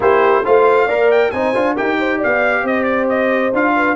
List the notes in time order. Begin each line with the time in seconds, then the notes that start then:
0.00 A#3 E4 G4 C5
0.44 A3 F4 C5 F5
0.85 A#3 A#4 D5
1.11 G5
1.31 C4 D#4 C5 G#5
1.54 D4 F4
1.74 D#4 G4 A#4 G5
1.99 C5
2.17 D5 F5
2.24 B3
2.63 C4 C5 D#5
2.83 D5
3.09 D#5
3.53 D4 F4 F5
3.75 B4